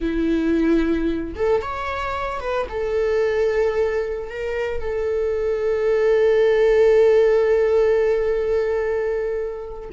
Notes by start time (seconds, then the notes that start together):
0.00 E4
1.35 A4
1.62 C#5
2.40 B4
2.69 A4
4.29 A#4
4.80 A4